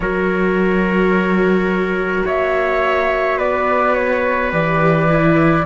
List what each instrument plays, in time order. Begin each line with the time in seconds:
0.00 cello F#3, viola F#4, trumpet A#4, flute C#5
2.25 cello A#3, trumpet C#5, flute E5
3.37 cello B3, trumpet B4, flute D5
3.95 flute C#5
4.51 cello E3, viola G4, flute D5
5.09 viola E4